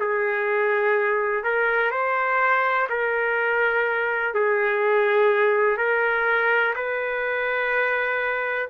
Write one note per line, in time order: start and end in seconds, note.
0.00 1.44 G#4
1.44 1.91 A#4
1.91 2.88 C5
2.90 4.35 A#4
4.35 5.78 G#4
5.78 6.74 A#4
6.76 8.69 B4